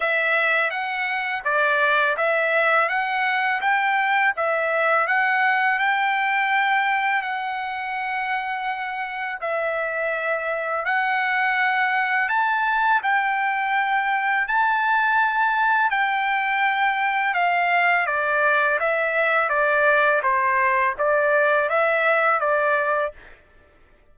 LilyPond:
\new Staff \with { instrumentName = "trumpet" } { \time 4/4 \tempo 4 = 83 e''4 fis''4 d''4 e''4 | fis''4 g''4 e''4 fis''4 | g''2 fis''2~ | fis''4 e''2 fis''4~ |
fis''4 a''4 g''2 | a''2 g''2 | f''4 d''4 e''4 d''4 | c''4 d''4 e''4 d''4 | }